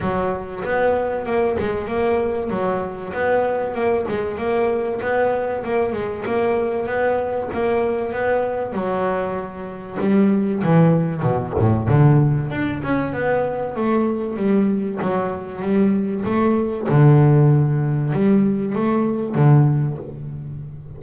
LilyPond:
\new Staff \with { instrumentName = "double bass" } { \time 4/4 \tempo 4 = 96 fis4 b4 ais8 gis8 ais4 | fis4 b4 ais8 gis8 ais4 | b4 ais8 gis8 ais4 b4 | ais4 b4 fis2 |
g4 e4 b,8 a,8 d4 | d'8 cis'8 b4 a4 g4 | fis4 g4 a4 d4~ | d4 g4 a4 d4 | }